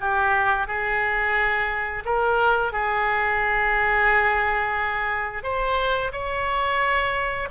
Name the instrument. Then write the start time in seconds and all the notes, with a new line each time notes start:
oboe
0.00 G4
0.67 G#4
2.05 A#4
2.72 G#4
5.43 C5
6.12 C#5